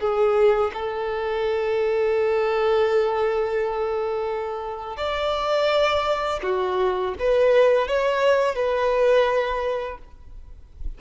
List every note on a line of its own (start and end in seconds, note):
0.00 0.71 G#4
0.73 4.97 A4
4.97 6.40 D5
6.43 7.14 F#4
7.19 7.87 B4
7.87 8.55 C#5
8.55 9.98 B4